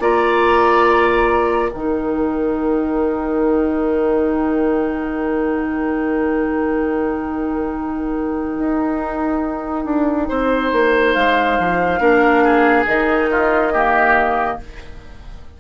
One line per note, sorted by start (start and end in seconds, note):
0.00 1.71 A#3
0.00 1.72 F4
0.00 1.71 D5
0.00 1.70 A#5
1.70 8.59 D#3
1.70 12.01 D#4
1.70 10.28 A#4
1.70 11.13 G5
8.59 9.85 D#4
9.85 10.28 D4
10.29 10.72 C4
10.29 12.00 C5
10.72 11.15 A#3
11.13 11.59 G#3
11.13 12.84 F5
11.59 12.00 F3
12.00 12.86 A#3
12.00 12.86 D4
12.00 12.43 A#4
12.44 13.30 G#4
12.86 14.58 D#3
12.86 13.73 D#4
12.86 14.59 D#5
13.31 13.73 F4
13.73 14.60 A#3
13.73 14.58 G4